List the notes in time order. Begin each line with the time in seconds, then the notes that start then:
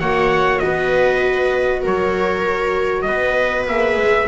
0.00 A#3 F#4 C#5 F#5
0.59 B3 B4 D#5
1.83 F#3 A#4 C#5
3.02 B3 B4 D#5
3.68 A#3 G#4 E5
3.97 G#3